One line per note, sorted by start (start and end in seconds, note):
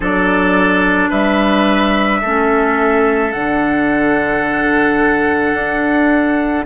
0.00 1.09 F#3
0.00 2.22 D4
0.00 1.09 A4
0.00 1.11 D5
1.09 2.22 G3
1.09 2.20 B4
1.09 3.31 E5
2.21 3.33 A3
2.21 3.33 C#4
2.21 6.65 A4
3.31 5.53 D3
3.31 6.65 D4
3.31 6.65 F#5
5.53 6.64 D4